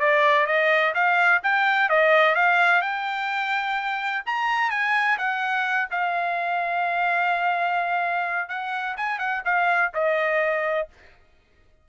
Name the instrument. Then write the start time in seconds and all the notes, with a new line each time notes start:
trumpet
0.00 D5
0.47 D#5
0.95 F5
1.44 G5
1.90 D#5
2.36 F5
2.82 G5
4.26 A#5
4.71 G#5
5.18 F#5
5.91 F5
8.49 F#5
8.97 G#5
9.19 F#5
9.45 F5
9.94 D#5